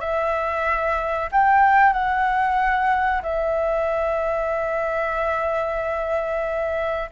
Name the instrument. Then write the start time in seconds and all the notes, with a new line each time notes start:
flute
0.00 E5
1.31 G5
1.93 F#5
3.22 E5